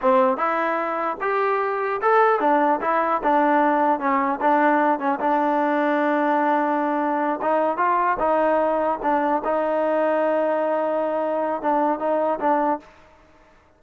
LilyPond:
\new Staff \with { instrumentName = "trombone" } { \time 4/4 \tempo 4 = 150 c'4 e'2 g'4~ | g'4 a'4 d'4 e'4 | d'2 cis'4 d'4~ | d'8 cis'8 d'2.~ |
d'2~ d'8 dis'4 f'8~ | f'8 dis'2 d'4 dis'8~ | dis'1~ | dis'4 d'4 dis'4 d'4 | }